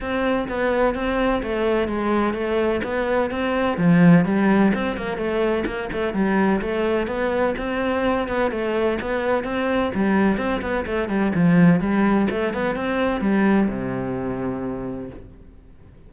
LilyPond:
\new Staff \with { instrumentName = "cello" } { \time 4/4 \tempo 4 = 127 c'4 b4 c'4 a4 | gis4 a4 b4 c'4 | f4 g4 c'8 ais8 a4 | ais8 a8 g4 a4 b4 |
c'4. b8 a4 b4 | c'4 g4 c'8 b8 a8 g8 | f4 g4 a8 b8 c'4 | g4 c2. | }